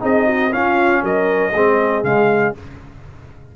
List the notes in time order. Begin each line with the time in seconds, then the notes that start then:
0.00 C4 D#4 G#4 D#5
0.27 F#4
0.51 C#4 F4 F5
1.03 F#3 A#4 D#5
1.54 G#3 C4 G#4
2.04 C#3 G#3 F5